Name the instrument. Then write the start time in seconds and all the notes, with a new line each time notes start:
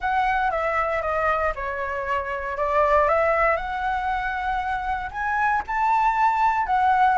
flute
0.00 F#5
0.50 E5
1.02 D#5
1.55 C#5
2.57 D5
3.08 E5
3.56 F#5
5.11 G#5
5.67 A5
6.66 F#5